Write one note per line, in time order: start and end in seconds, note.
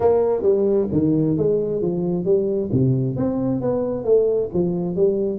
0.00 0.42 A#3
0.42 0.87 G3
0.92 1.37 D#3
1.37 1.81 G#3
1.81 2.25 F3
2.25 2.70 G3
2.71 3.16 C3
3.16 3.61 C4
3.61 4.04 B3
4.04 4.49 A3
4.53 4.96 F3
4.96 5.39 G3